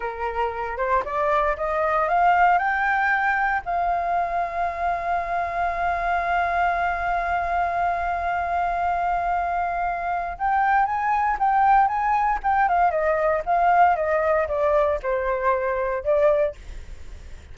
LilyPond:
\new Staff \with { instrumentName = "flute" } { \time 4/4 \tempo 4 = 116 ais'4. c''8 d''4 dis''4 | f''4 g''2 f''4~ | f''1~ | f''1~ |
f''1 | g''4 gis''4 g''4 gis''4 | g''8 f''8 dis''4 f''4 dis''4 | d''4 c''2 d''4 | }